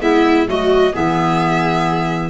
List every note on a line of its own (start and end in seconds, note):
0.00 0.46 G#3
0.00 0.46 B3
0.00 0.48 E4
0.00 0.47 E5
0.46 0.93 F#3
0.46 0.92 A3
0.46 0.93 F#4
0.46 0.95 D#5
0.93 2.29 E3
0.93 2.29 B3
0.93 2.29 G#4
0.93 2.29 E5